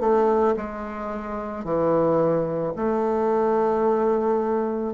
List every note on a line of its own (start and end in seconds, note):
0.00 0.55 A3
0.56 1.64 G#3
1.64 2.73 E3
2.76 4.93 A3